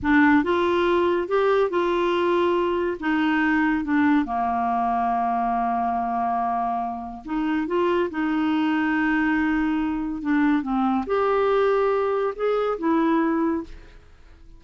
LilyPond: \new Staff \with { instrumentName = "clarinet" } { \time 4/4 \tempo 4 = 141 d'4 f'2 g'4 | f'2. dis'4~ | dis'4 d'4 ais2~ | ais1~ |
ais4 dis'4 f'4 dis'4~ | dis'1 | d'4 c'4 g'2~ | g'4 gis'4 e'2 | }